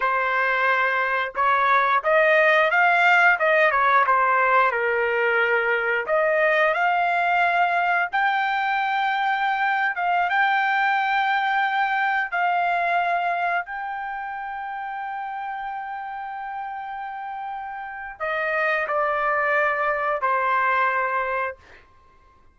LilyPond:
\new Staff \with { instrumentName = "trumpet" } { \time 4/4 \tempo 4 = 89 c''2 cis''4 dis''4 | f''4 dis''8 cis''8 c''4 ais'4~ | ais'4 dis''4 f''2 | g''2~ g''8. f''8 g''8.~ |
g''2~ g''16 f''4.~ f''16~ | f''16 g''2.~ g''8.~ | g''2. dis''4 | d''2 c''2 | }